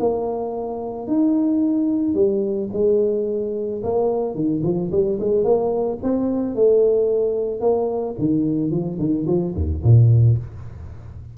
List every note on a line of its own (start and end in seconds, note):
0.00 1.08 A#3
1.08 2.15 D#4
2.15 2.70 G3
2.73 3.82 G#3
3.84 4.35 A#3
4.35 4.62 D#3
4.64 4.91 F3
4.92 5.19 G3
5.21 5.44 G#3
5.44 5.99 A#3
6.03 6.56 C4
6.56 7.61 A3
7.61 8.15 A#3
8.19 8.71 D#3
8.71 8.99 F3
8.99 9.27 D#3
9.27 9.55 F3
9.56 9.83 D#2
9.84 10.38 A#2